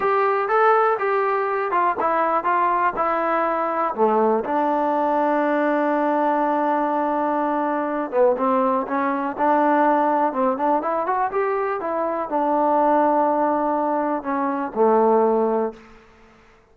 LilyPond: \new Staff \with { instrumentName = "trombone" } { \time 4/4 \tempo 4 = 122 g'4 a'4 g'4. f'8 | e'4 f'4 e'2 | a4 d'2.~ | d'1~ |
d'8 b8 c'4 cis'4 d'4~ | d'4 c'8 d'8 e'8 fis'8 g'4 | e'4 d'2.~ | d'4 cis'4 a2 | }